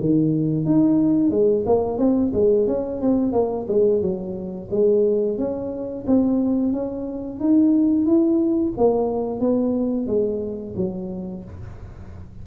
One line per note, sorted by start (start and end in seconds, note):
0.00 0.65 D#3
0.65 1.31 D#4
1.31 1.64 G#3
1.66 1.98 A#3
1.98 2.32 C4
2.33 2.67 G#3
2.67 3.01 C#4
3.01 3.32 C4
3.32 3.66 A#3
3.68 4.01 G#3
4.01 4.69 F#3
4.71 5.38 G#3
5.38 6.05 C#4
6.07 6.73 C4
6.73 7.39 C#4
7.39 8.05 D#4
8.05 8.73 E4
8.77 9.40 A#3
9.40 10.07 B3
10.07 10.74 G#3
10.76 11.44 F#3